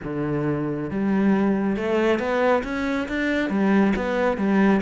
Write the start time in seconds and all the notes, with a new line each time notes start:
0.03 D3
0.90 G3
1.76 A3
2.19 B3
2.63 C#4
3.08 D4
3.49 G3
3.96 B3
4.37 G3